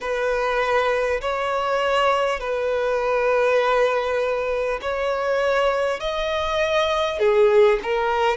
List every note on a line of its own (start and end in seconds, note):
0.00 1.20 B4
1.21 2.39 C#5
2.39 4.79 B4
4.81 5.99 C#5
5.99 7.19 D#5
7.19 7.79 G#4
7.82 8.37 A#4